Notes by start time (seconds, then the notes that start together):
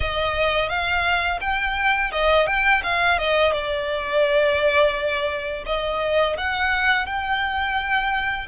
0.00 D#5
0.69 F5
1.40 G5
2.11 D#5
2.46 G5
2.83 F5
3.18 D#5
3.52 D5
5.66 D#5
6.37 F#5
7.06 G5